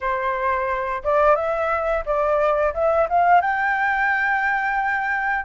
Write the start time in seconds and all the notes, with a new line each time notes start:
0.00 C5
1.03 D5
1.35 E5
2.05 D5
2.73 E5
3.09 F5
3.41 G5